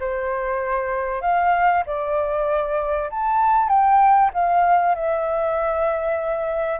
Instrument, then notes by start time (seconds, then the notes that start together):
flute
0.00 C5
1.22 F5
1.86 D5
3.10 A5
3.69 G5
4.34 F5
4.95 E5